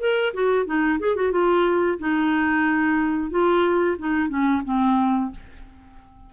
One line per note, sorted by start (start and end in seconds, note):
0.00 0.33 A#4
0.34 0.66 F#4
0.66 0.99 D#4
1.00 1.16 G#4
1.16 1.32 F#4
1.32 1.98 F4
1.99 3.30 D#4
3.30 3.97 F4
3.98 4.29 D#4
4.29 4.62 C#4
4.65 5.32 C4